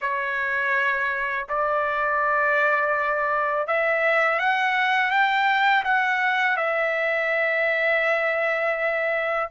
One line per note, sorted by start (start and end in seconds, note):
0.01 1.47 C#5
1.48 3.67 D5
3.67 4.39 E5
4.39 5.10 F#5
5.10 5.83 G5
5.84 6.57 F#5
6.57 9.49 E5